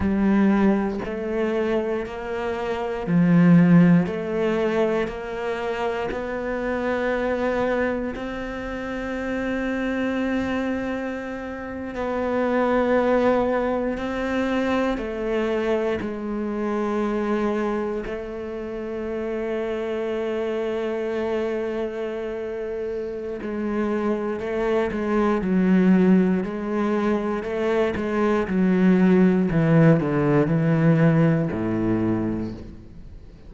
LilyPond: \new Staff \with { instrumentName = "cello" } { \time 4/4 \tempo 4 = 59 g4 a4 ais4 f4 | a4 ais4 b2 | c'2.~ c'8. b16~ | b4.~ b16 c'4 a4 gis16~ |
gis4.~ gis16 a2~ a16~ | a2. gis4 | a8 gis8 fis4 gis4 a8 gis8 | fis4 e8 d8 e4 a,4 | }